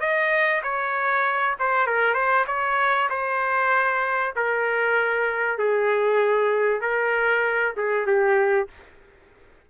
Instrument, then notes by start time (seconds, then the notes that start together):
trumpet
0.00 D#5
0.63 C#5
1.60 C5
1.87 A#4
2.14 C5
2.47 C#5
3.10 C5
4.36 A#4
5.58 G#4
6.81 A#4
7.77 G#4
8.07 G4